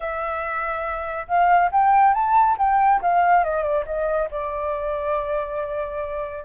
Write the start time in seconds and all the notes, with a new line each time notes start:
0.00 E5
1.27 F5
1.71 G5
2.14 A5
2.58 G5
3.01 F5
3.44 D#5
3.63 D5
3.86 D#5
4.30 D5